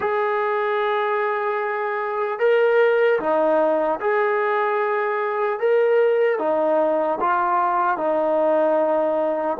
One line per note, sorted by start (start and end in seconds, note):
0.00 2.39 G#4
2.39 3.19 A#4
3.19 3.99 D#4
4.00 5.59 G#4
5.59 6.38 A#4
6.38 7.18 D#4
7.20 7.97 F4
7.97 9.57 D#4